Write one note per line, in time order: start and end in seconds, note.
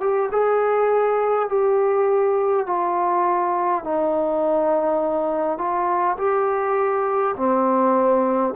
0.00 0.29 G4
0.31 1.49 G#4
1.49 2.66 G4
2.66 3.84 F4
3.84 5.57 D#4
5.57 6.16 F4
6.17 7.35 G4
7.36 8.53 C4